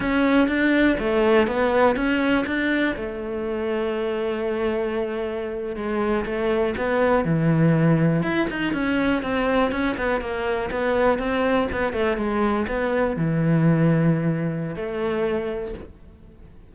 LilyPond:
\new Staff \with { instrumentName = "cello" } { \time 4/4 \tempo 4 = 122 cis'4 d'4 a4 b4 | cis'4 d'4 a2~ | a2.~ a8. gis16~ | gis8. a4 b4 e4~ e16~ |
e8. e'8 dis'8 cis'4 c'4 cis'16~ | cis'16 b8 ais4 b4 c'4 b16~ | b16 a8 gis4 b4 e4~ e16~ | e2 a2 | }